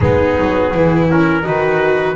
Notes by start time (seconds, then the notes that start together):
0.00 G#3 B3 D#4 G#4
0.38 F#3
0.74 E3 E4
1.10 C#4 A#4
1.42 D#3 D#4 F#4 B4